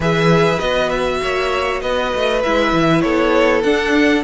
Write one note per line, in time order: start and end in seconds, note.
0.00 0.57 E3
0.00 0.59 G#4
0.00 1.19 B4
0.00 0.59 E5
0.59 1.21 B3
0.59 2.40 F#4
0.59 0.89 D#5
0.89 1.80 E5
1.22 1.82 A#3
1.22 1.82 C#5
1.81 2.12 B3
1.81 3.03 B4
1.81 2.41 D#5
2.15 2.45 A3
2.43 2.72 G#3
2.43 3.64 E4
2.43 3.01 E5
2.72 3.03 E3
3.01 3.64 B3
3.01 4.24 A4
3.01 3.61 C#5
3.63 4.24 D4
3.63 4.23 F#5